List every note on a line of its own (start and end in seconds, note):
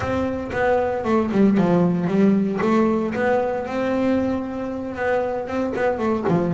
0.00 0.50 C4
0.52 1.04 B3
1.04 1.30 A3
1.31 1.57 G3
1.57 2.07 F3
2.07 2.59 G3
2.61 3.13 A3
3.14 3.66 B3
3.66 4.95 C4
4.95 5.47 B3
5.47 5.73 C4
5.75 5.98 B3
5.98 6.24 A3
6.28 6.54 F3